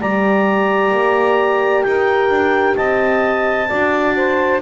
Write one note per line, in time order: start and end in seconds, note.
0.00 0.91 G3
0.00 3.69 G4
0.00 1.85 D5
0.00 1.83 A#5
0.91 1.83 A#3
1.83 2.29 D#4
1.83 2.77 A#4
1.83 2.75 G5
2.29 2.75 D4
2.76 3.70 C4
2.76 3.68 D#5
2.76 4.60 A5
3.68 4.62 D4
3.68 4.62 F#4
3.68 4.14 D5
4.16 4.62 C5